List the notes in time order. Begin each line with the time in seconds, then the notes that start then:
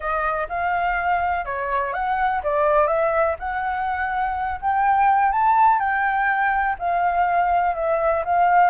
0.00 D#5
0.48 F5
1.45 C#5
1.93 F#5
2.43 D5
2.87 E5
3.39 F#5
4.61 G5
5.32 A5
5.79 G5
6.79 F5
7.75 E5
8.25 F5